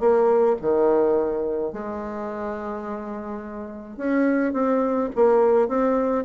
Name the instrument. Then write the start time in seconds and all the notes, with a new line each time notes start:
bassoon
0.00 A#3
0.61 D#3
1.73 G#3
3.98 C#4
4.53 C4
5.16 A#3
5.69 C4